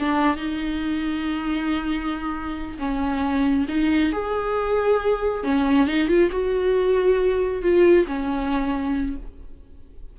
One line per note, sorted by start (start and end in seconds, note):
0.00 0.37 D4
0.37 2.78 D#4
2.79 3.67 C#4
3.69 4.13 D#4
4.13 5.44 G#4
5.44 5.88 C#4
5.88 6.09 D#4
6.09 6.30 F4
6.32 7.63 F#4
7.63 8.07 F4
8.07 9.17 C#4